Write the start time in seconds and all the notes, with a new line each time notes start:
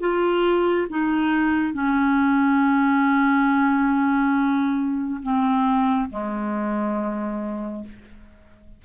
0.00 F4
0.89 D#4
1.73 C#4
5.22 C4
6.10 G#3